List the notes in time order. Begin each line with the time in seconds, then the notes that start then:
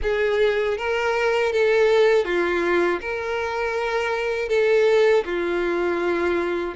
0.02 G#4
0.77 A#4
1.52 A4
2.25 F4
3.00 A#4
4.49 A4
5.24 F4